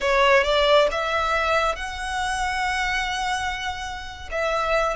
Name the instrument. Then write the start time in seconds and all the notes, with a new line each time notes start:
violin
0.01 C#5
0.43 D5
0.91 E5
1.75 F#5
4.31 E5